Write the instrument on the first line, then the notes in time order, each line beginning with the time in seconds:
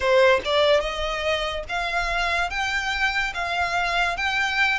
violin
0.00 C5
0.44 D5
0.80 D#5
1.68 F5
2.50 G5
3.33 F5
4.16 G5